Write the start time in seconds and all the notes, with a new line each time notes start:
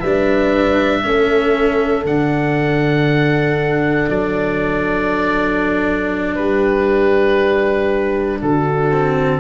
0.00 G3 D4 B4 E5
1.03 A3 C#4 A4
2.04 D3 D4 F#5
4.10 F#3 D5
6.35 G3 G4 B4
8.42 D3 F#4 A4
8.91 C4